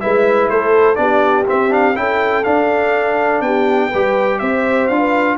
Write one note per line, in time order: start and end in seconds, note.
0.00 0.49 G#3
0.00 0.95 E4
0.00 0.50 B4
0.00 0.49 E5
0.49 0.97 A3
0.49 0.99 A4
0.49 0.95 C5
0.95 1.46 B3
0.95 1.44 D4
0.95 1.98 G4
0.95 1.44 D5
1.46 1.69 C4
1.46 1.96 C4
1.46 1.72 E5
1.69 1.94 D4
1.69 1.96 F5
1.95 2.45 C#4
1.95 2.44 E4
1.95 3.45 A4
1.95 2.44 G5
2.44 3.90 D4
2.44 3.40 D4
2.44 3.41 F5
3.40 3.89 B3
3.40 3.89 G4
3.40 4.39 G5
3.89 4.41 G3
3.89 4.91 G4
3.89 4.38 B4
4.39 4.89 C4
4.39 4.98 C5
4.39 4.87 E5
4.87 5.37 D4
4.87 5.37 F4
4.87 5.36 F5
4.98 5.35 B4